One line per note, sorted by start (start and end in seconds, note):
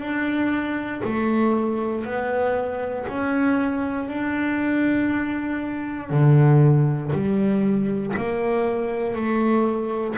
0.00 1.02 D4
1.04 2.05 A3
2.05 3.06 B3
3.08 4.09 C#4
4.09 6.10 D4
6.10 7.12 D3
7.13 8.14 G3
8.16 9.15 A#3
9.15 10.17 A3